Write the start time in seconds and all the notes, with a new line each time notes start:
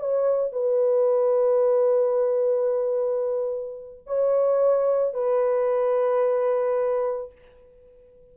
0.00 C#5
0.52 B4
4.07 C#5
5.14 B4